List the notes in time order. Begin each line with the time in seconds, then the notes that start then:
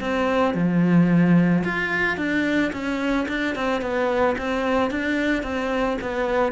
0.00 C4
0.54 F3
1.64 F4
2.17 D4
2.72 C#4
3.28 D4
3.55 C4
3.81 B3
4.37 C4
4.90 D4
5.43 C4
6.01 B3